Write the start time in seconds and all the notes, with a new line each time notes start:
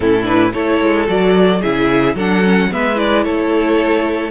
0.00 A2 C#4 E4 A4
0.23 D4 B4
0.52 A3 E4 A4 C#5
0.81 G#3
1.07 F#3 F#4 D5
1.60 C#3 E4 G#4 E5
2.14 F#3 D4 A4 F#5
2.44 C#4
2.70 G#3 B3 B4 E5
2.95 E4 D5
3.23 A3 A4 C#5